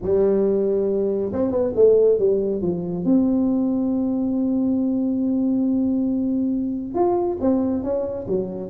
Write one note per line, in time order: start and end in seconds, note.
0.02 1.32 G3
1.32 1.51 C4
1.51 1.73 B3
1.75 2.19 A3
2.19 2.61 G3
2.61 3.04 F3
3.04 6.94 C4
6.94 7.37 F4
7.41 7.83 C4
7.83 8.26 C#4
8.27 8.69 F#3